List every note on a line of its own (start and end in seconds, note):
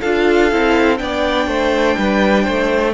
0.00 0.51 D4
0.00 0.51 F4
0.00 0.98 A4
0.00 0.97 F5
0.51 1.00 C4
0.51 0.97 E4
0.97 1.47 B3
0.97 2.93 D4
0.97 1.47 D5
0.97 2.93 G5
1.47 1.96 A3
1.47 1.96 C5
1.97 2.47 G3
1.97 2.43 B4
2.43 2.93 A3
2.43 2.92 C5